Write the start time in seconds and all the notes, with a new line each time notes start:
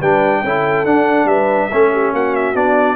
0.00 G3 D4 B4 G5
0.43 C#4 E4 A4
0.86 D4 F#5
1.25 G3 B4 E5
1.70 A3 C#4 A4
1.93 G4
2.13 A#3 F#4 F#5
2.35 E5
2.55 B3 D4 D5